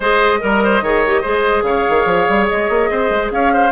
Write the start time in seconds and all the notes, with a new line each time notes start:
0.00 G#3 G#4 C5 D#5
0.39 G3 A#4
0.63 C5
0.81 D#3 G#4 C#5
1.06 G4
1.21 G#3 G#4 C5
1.63 C#3 C#5 F5
1.89 D#3
2.05 F3
2.28 G3
2.47 G#3 D#5
2.69 A#3
2.90 C4 C5
3.10 G#3
3.31 C#4 C#5 F5
3.52 C5